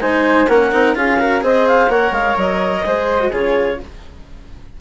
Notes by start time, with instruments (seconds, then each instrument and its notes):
0.00 bassoon G#3, cello D#4, flute C5, clarinet G#5
0.48 bassoon A#3, cello C#4, flute A#4, clarinet F#5
0.72 bassoon C4, cello D#4
0.95 bassoon C#4, cello F4, flute G#4, clarinet F5
1.19 cello F#4, flute A#4
1.41 bassoon C4, cello G#4, flute C5, clarinet D#5
1.67 clarinet F5
1.88 bassoon A#3, cello A#4, flute C#5, clarinet F#5
2.11 bassoon G#3, clarinet F5
2.37 bassoon F#3, clarinet D#5
2.85 bassoon G#3, cello G#4, flute C5
3.20 cello F#4
3.29 bassoon C#3, cello F4, flute G#4, clarinet C#5